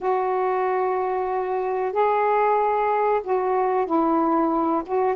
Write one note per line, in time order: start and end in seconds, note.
0.01 1.92 F#4
1.92 3.21 G#4
3.23 3.86 F#4
3.86 4.82 E4
4.86 5.15 F#4